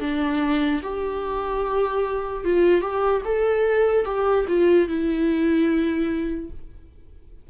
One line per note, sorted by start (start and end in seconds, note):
0.00 0.81 D4
0.82 2.44 G4
2.44 2.81 F4
2.81 3.21 G4
3.24 4.05 A4
4.05 4.45 G4
4.48 4.88 F4
4.88 6.50 E4